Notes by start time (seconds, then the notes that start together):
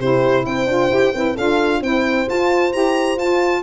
0.00 C3 E4 G4 C5
0.46 C4 C5 G5
0.67 D4 F4
0.91 E4 G4
1.14 C4 E4 B4
1.36 D4 F4 A4 F5
1.81 C4 E4 C5 G5
2.27 F4 A5
2.73 E4 G4 A#5
3.17 F4 A5